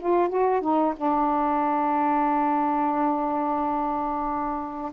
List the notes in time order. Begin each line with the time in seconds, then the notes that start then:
0.00 F4
0.29 F#4
0.61 D#4
0.97 D4